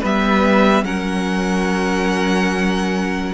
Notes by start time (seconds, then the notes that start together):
0.00 G3 B3 B4 E5
0.82 F#3 C#4 A#4 F#5